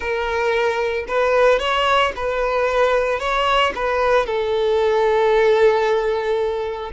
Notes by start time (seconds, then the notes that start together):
0.00 A#4
1.07 B4
1.59 C#5
2.16 B4
3.19 C#5
3.75 B4
4.26 A4